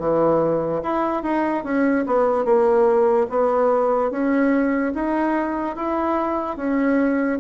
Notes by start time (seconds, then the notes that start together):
0.00 E3
0.83 E4
1.23 D#4
1.65 C#4
2.07 B3
2.45 A#3
3.30 B3
4.11 C#4
4.95 D#4
5.76 E4
6.58 C#4